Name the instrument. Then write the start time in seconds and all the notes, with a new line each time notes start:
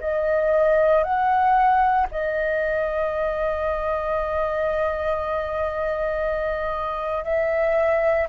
flute
0.00 D#5
1.03 F#5
2.11 D#5
7.24 E5